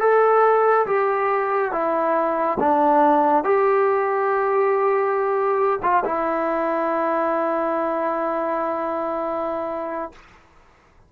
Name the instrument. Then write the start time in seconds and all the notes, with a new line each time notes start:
trombone
0.00 A4
0.86 G4
1.72 E4
2.59 D4
3.44 G4
5.82 F4
6.05 E4